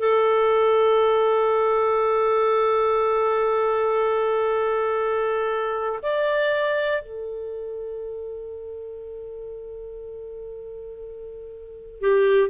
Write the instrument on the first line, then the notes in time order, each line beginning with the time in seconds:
clarinet
0.00 A4
6.03 D5
7.03 A4
12.01 G4